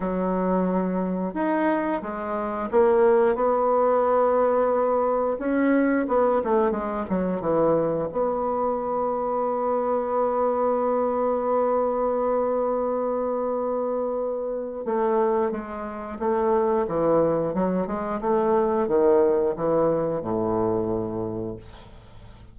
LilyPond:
\new Staff \with { instrumentName = "bassoon" } { \time 4/4 \tempo 4 = 89 fis2 dis'4 gis4 | ais4 b2. | cis'4 b8 a8 gis8 fis8 e4 | b1~ |
b1~ | b2 a4 gis4 | a4 e4 fis8 gis8 a4 | dis4 e4 a,2 | }